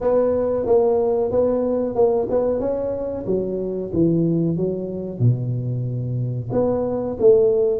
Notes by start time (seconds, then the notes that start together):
0.00 B3
0.66 A#3
1.31 B3
1.95 A#3
2.30 B3
2.59 C#4
3.26 F#3
3.93 E3
4.57 F#3
5.19 B2
6.52 B3
7.19 A3